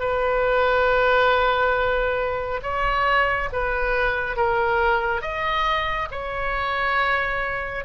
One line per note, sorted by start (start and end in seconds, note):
0.00 2.61 B4
2.62 3.49 C#5
3.53 4.36 B4
4.36 5.22 A#4
5.22 6.09 D#5
6.11 7.85 C#5